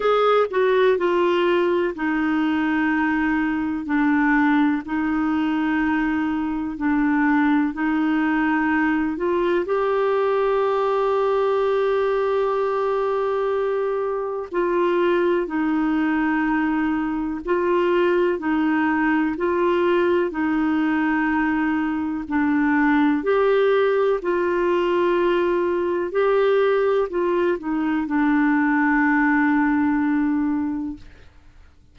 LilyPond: \new Staff \with { instrumentName = "clarinet" } { \time 4/4 \tempo 4 = 62 gis'8 fis'8 f'4 dis'2 | d'4 dis'2 d'4 | dis'4. f'8 g'2~ | g'2. f'4 |
dis'2 f'4 dis'4 | f'4 dis'2 d'4 | g'4 f'2 g'4 | f'8 dis'8 d'2. | }